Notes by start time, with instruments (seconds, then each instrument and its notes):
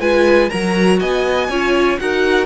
0.00 cello G#3, viola F4, violin B4 G#5
0.49 cello F#3, viola F#4, violin A#4 A#5
1.00 cello B3, violin D#5 G#5
1.49 cello C#4, viola F4, violin C#5
1.98 cello D#4, viola F#4, violin A#4 F#5